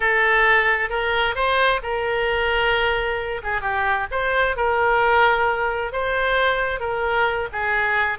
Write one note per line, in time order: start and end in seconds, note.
0.00 0.89 A4
0.89 1.35 A#4
1.35 1.80 C5
1.82 3.41 A#4
3.43 3.61 G#4
3.61 4.06 G4
4.11 4.56 C5
4.56 5.92 A#4
5.92 6.80 C5
6.80 7.48 A#4
7.52 8.18 G#4